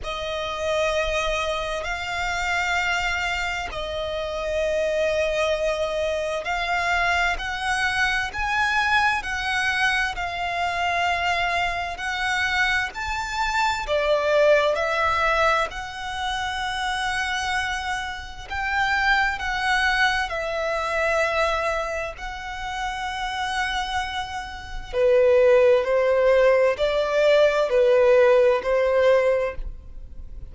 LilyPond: \new Staff \with { instrumentName = "violin" } { \time 4/4 \tempo 4 = 65 dis''2 f''2 | dis''2. f''4 | fis''4 gis''4 fis''4 f''4~ | f''4 fis''4 a''4 d''4 |
e''4 fis''2. | g''4 fis''4 e''2 | fis''2. b'4 | c''4 d''4 b'4 c''4 | }